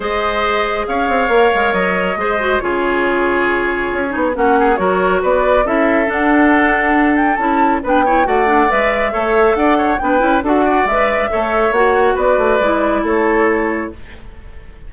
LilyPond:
<<
  \new Staff \with { instrumentName = "flute" } { \time 4/4 \tempo 4 = 138 dis''2 f''2 | dis''2 cis''2~ | cis''2 fis''4 cis''4 | d''4 e''4 fis''2~ |
fis''8 g''8 a''4 g''4 fis''4 | e''2 fis''4 g''4 | fis''4 e''2 fis''4 | d''2 cis''2 | }
  \new Staff \with { instrumentName = "oboe" } { \time 4/4 c''2 cis''2~ | cis''4 c''4 gis'2~ | gis'2 fis'8 gis'8 ais'4 | b'4 a'2.~ |
a'2 b'8 cis''8 d''4~ | d''4 cis''4 d''8 cis''8 b'4 | a'8 d''4. cis''2 | b'2 a'2 | }
  \new Staff \with { instrumentName = "clarinet" } { \time 4/4 gis'2. ais'4~ | ais'4 gis'8 fis'8 f'2~ | f'4. dis'8 cis'4 fis'4~ | fis'4 e'4 d'2~ |
d'4 e'4 d'8 e'8 fis'8 d'8 | b'4 a'2 d'8 e'8 | fis'4 b'4 a'4 fis'4~ | fis'4 e'2. | }
  \new Staff \with { instrumentName = "bassoon" } { \time 4/4 gis2 cis'8 c'8 ais8 gis8 | fis4 gis4 cis2~ | cis4 cis'8 b8 ais4 fis4 | b4 cis'4 d'2~ |
d'4 cis'4 b4 a4 | gis4 a4 d'4 b8 cis'8 | d'4 gis4 a4 ais4 | b8 a8 gis4 a2 | }
>>